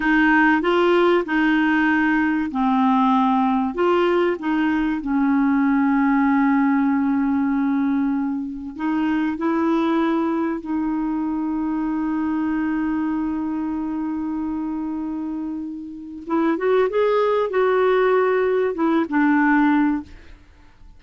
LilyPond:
\new Staff \with { instrumentName = "clarinet" } { \time 4/4 \tempo 4 = 96 dis'4 f'4 dis'2 | c'2 f'4 dis'4 | cis'1~ | cis'2 dis'4 e'4~ |
e'4 dis'2.~ | dis'1~ | dis'2 e'8 fis'8 gis'4 | fis'2 e'8 d'4. | }